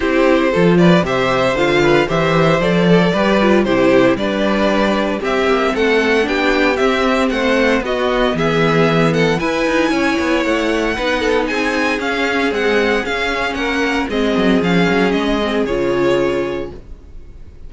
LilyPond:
<<
  \new Staff \with { instrumentName = "violin" } { \time 4/4 \tempo 4 = 115 c''4. d''8 e''4 f''4 | e''4 d''2 c''4 | d''2 e''4 fis''4 | g''4 e''4 fis''4 dis''4 |
e''4. fis''8 gis''2 | fis''2 gis''4 f''4 | fis''4 f''4 fis''4 dis''4 | f''4 dis''4 cis''2 | }
  \new Staff \with { instrumentName = "violin" } { \time 4/4 g'4 a'8 b'8 c''4. b'8 | c''4. a'8 b'4 g'4 | b'2 g'4 a'4 | g'2 c''4 fis'4 |
gis'4. a'8 b'4 cis''4~ | cis''4 b'8 a'8 gis'2~ | gis'2 ais'4 gis'4~ | gis'1 | }
  \new Staff \with { instrumentName = "viola" } { \time 4/4 e'4 f'4 g'4 f'4 | g'4 a'4 g'8 f'8 e'4 | d'2 c'2 | d'4 c'2 b4~ |
b2 e'2~ | e'4 dis'2 cis'4 | gis4 cis'2 c'4 | cis'4. c'8 f'2 | }
  \new Staff \with { instrumentName = "cello" } { \time 4/4 c'4 f4 c4 d4 | e4 f4 g4 c4 | g2 c'8 ais8 a4 | b4 c'4 a4 b4 |
e2 e'8 dis'8 cis'8 b8 | a4 b4 c'4 cis'4 | c'4 cis'4 ais4 gis8 fis8 | f8 fis8 gis4 cis2 | }
>>